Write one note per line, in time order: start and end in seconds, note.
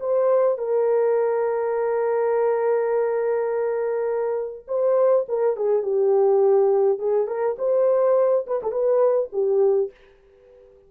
0.00 0.58 C5
0.58 4.65 A#4
4.68 5.26 C5
5.28 5.56 A#4
5.56 5.82 G#4
5.82 6.99 G4
6.99 7.27 G#4
7.27 7.56 A#4
7.58 8.46 C5
8.47 8.61 B4
8.62 8.71 A4
8.71 9.30 B4
9.32 9.91 G4